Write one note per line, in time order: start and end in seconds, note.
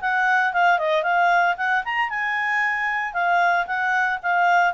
0.00 0.52 F#5
0.52 0.78 F5
0.78 1.03 D#5
1.03 1.55 F5
1.57 1.83 F#5
1.84 2.09 A#5
2.09 3.13 G#5
3.13 3.66 F5
3.66 4.19 F#5
4.22 4.73 F5